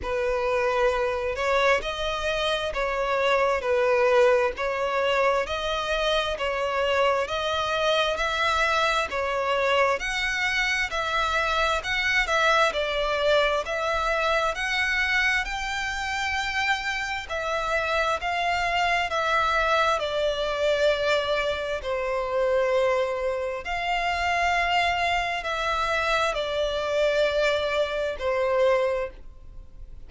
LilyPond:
\new Staff \with { instrumentName = "violin" } { \time 4/4 \tempo 4 = 66 b'4. cis''8 dis''4 cis''4 | b'4 cis''4 dis''4 cis''4 | dis''4 e''4 cis''4 fis''4 | e''4 fis''8 e''8 d''4 e''4 |
fis''4 g''2 e''4 | f''4 e''4 d''2 | c''2 f''2 | e''4 d''2 c''4 | }